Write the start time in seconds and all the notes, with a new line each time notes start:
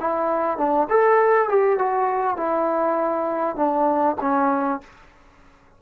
0.00 E4
0.58 D4
0.90 A4
1.49 G4
1.78 F#4
2.37 E4
3.56 D4
4.21 C#4